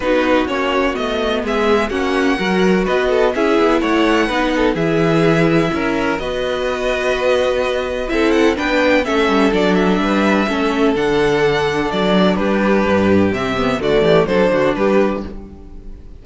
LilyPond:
<<
  \new Staff \with { instrumentName = "violin" } { \time 4/4 \tempo 4 = 126 b'4 cis''4 dis''4 e''4 | fis''2 dis''4 e''4 | fis''2 e''2~ | e''4 dis''2.~ |
dis''4 e''8 fis''8 g''4 e''4 | d''8 e''2~ e''8 fis''4~ | fis''4 d''4 b'2 | e''4 d''4 c''4 b'4 | }
  \new Staff \with { instrumentName = "violin" } { \time 4/4 fis'2. gis'4 | fis'4 ais'4 b'8 a'8 gis'4 | cis''4 b'8 a'8 gis'2 | ais'4 b'2.~ |
b'4 a'4 b'4 a'4~ | a'4 b'4 a'2~ | a'2 g'2~ | g'4 fis'8 g'8 a'8 fis'8 g'4 | }
  \new Staff \with { instrumentName = "viola" } { \time 4/4 dis'4 cis'4 b2 | cis'4 fis'2 e'4~ | e'4 dis'4 e'2~ | e'4 fis'2.~ |
fis'4 e'4 d'4 cis'4 | d'2 cis'4 d'4~ | d'1 | c'8 b8 a4 d'2 | }
  \new Staff \with { instrumentName = "cello" } { \time 4/4 b4 ais4 a4 gis4 | ais4 fis4 b4 cis'8 b8 | a4 b4 e2 | cis'4 b2.~ |
b4 c'4 b4 a8 g8 | fis4 g4 a4 d4~ | d4 fis4 g4 g,4 | c4 d8 e8 fis8 d8 g4 | }
>>